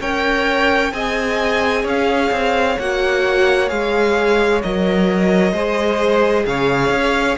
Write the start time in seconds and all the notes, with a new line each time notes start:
0.00 C#4 A#4 C#5 G5
0.92 C4 G#4 D#5 G#5
1.83 C#4 C#5 F5
2.31 C4
2.78 A#3 F#4 F#5
3.68 G#3 G#4 F5
4.62 F#3 A#4 D#5
5.52 G#3 G#4 C5
6.45 C#3 C#5 F5
6.90 C#4